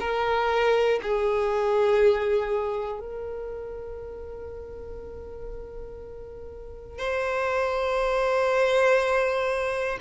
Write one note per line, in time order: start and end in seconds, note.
0.00 1.00 A#4
1.02 3.00 G#4
3.00 6.98 A#4
6.98 9.98 C5